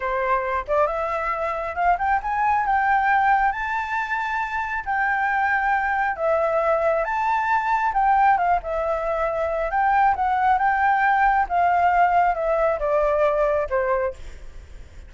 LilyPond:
\new Staff \with { instrumentName = "flute" } { \time 4/4 \tempo 4 = 136 c''4. d''8 e''2 | f''8 g''8 gis''4 g''2 | a''2. g''4~ | g''2 e''2 |
a''2 g''4 f''8 e''8~ | e''2 g''4 fis''4 | g''2 f''2 | e''4 d''2 c''4 | }